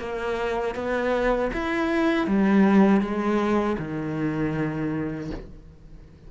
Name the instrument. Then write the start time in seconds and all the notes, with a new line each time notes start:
cello
0.00 A#3
0.76 B3
1.53 E4
2.28 G3
3.01 G#3
3.79 D#3